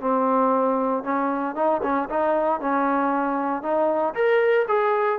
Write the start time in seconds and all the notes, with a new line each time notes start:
0.00 C4
1.03 C#4
1.55 D#4
1.83 C#4
2.09 D#4
2.60 C#4
3.62 D#4
4.14 A#4
4.68 G#4